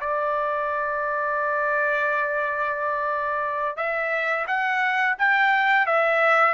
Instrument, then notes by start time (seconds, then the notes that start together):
trumpet
0.00 D5
3.76 E5
4.47 F#5
5.18 G5
5.86 E5